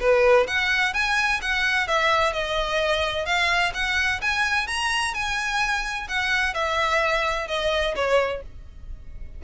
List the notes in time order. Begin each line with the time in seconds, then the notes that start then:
0.00 B4
0.47 F#5
0.94 G#5
1.41 F#5
1.87 E5
2.33 D#5
3.26 F5
3.74 F#5
4.22 G#5
4.67 A#5
5.14 G#5
6.09 F#5
6.54 E5
7.48 D#5
7.96 C#5